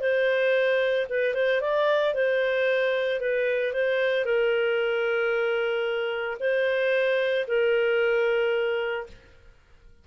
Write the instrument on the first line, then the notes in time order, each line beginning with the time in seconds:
clarinet
0.00 C5
1.09 B4
1.34 C5
1.61 D5
2.14 C5
3.20 B4
3.72 C5
4.25 A#4
6.40 C5
7.47 A#4